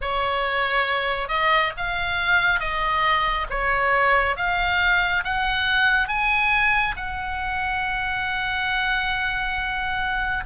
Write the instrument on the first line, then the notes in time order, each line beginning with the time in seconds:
oboe
0.01 C#5
1.28 D#5
1.77 F5
2.60 D#5
3.49 C#5
4.36 F5
5.24 F#5
6.08 G#5
6.96 F#5